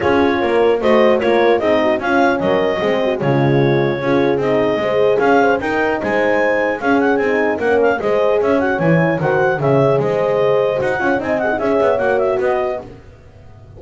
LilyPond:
<<
  \new Staff \with { instrumentName = "clarinet" } { \time 4/4 \tempo 4 = 150 cis''2 dis''4 cis''4 | dis''4 f''4 dis''2 | cis''2. dis''4~ | dis''4 f''4 g''4 gis''4~ |
gis''4 f''8 fis''8 gis''4 fis''8 f''8 | dis''4 e''8 fis''8 gis''4 fis''4 | e''4 dis''2 fis''4 | gis''8 fis''8 e''4 fis''8 e''8 dis''4 | }
  \new Staff \with { instrumentName = "horn" } { \time 4/4 gis'4 ais'4 c''4 ais'4 | gis'8 fis'8 f'4 ais'4 gis'8 fis'8 | f'2 gis'2 | c''4 cis''8 c''8 ais'4 c''4~ |
c''4 gis'2 ais'4 | c''4 cis''2 c''4 | cis''4 c''2~ c''8 cis''8 | dis''4 cis''2 b'4 | }
  \new Staff \with { instrumentName = "horn" } { \time 4/4 f'2 fis'4 f'4 | dis'4 cis'2 c'4 | gis2 f'4 dis'4 | gis'2 dis'2~ |
dis'4 cis'4 dis'4 cis'4 | gis'4. fis'8 e'4 fis'4 | gis'2. fis'8 f'8 | dis'8 gis'16 dis'16 gis'4 fis'2 | }
  \new Staff \with { instrumentName = "double bass" } { \time 4/4 cis'4 ais4 a4 ais4 | c'4 cis'4 fis4 gis4 | cis2 cis'4 c'4 | gis4 cis'4 dis'4 gis4~ |
gis4 cis'4 c'4 ais4 | gis4 cis'4 e4 dis4 | cis4 gis2 dis'8 cis'8 | c'4 cis'8 b8 ais4 b4 | }
>>